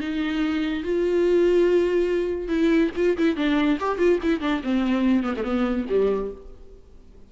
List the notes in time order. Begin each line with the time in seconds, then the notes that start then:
0.00 D#4
0.83 F4
2.48 E4
2.96 F4
3.17 E4
3.36 D4
3.79 G4
3.98 F4
4.22 E4
4.40 D4
4.63 C4
5.23 B3
5.36 A3
5.44 B3
5.89 G3